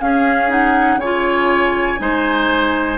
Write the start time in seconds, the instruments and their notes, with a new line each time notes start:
0.00 bassoon C#4, clarinet C#4, oboe G#4, flute F5
0.49 clarinet D#4, flute F#5
0.96 bassoon C#3, oboe C#5, flute G#5
1.03 clarinet F4
1.98 bassoon G#3, clarinet D#4, oboe C5